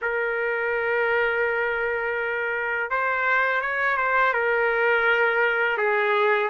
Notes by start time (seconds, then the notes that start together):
0.01 A#4
2.90 C5
3.61 C#5
3.97 C5
4.33 A#4
5.77 G#4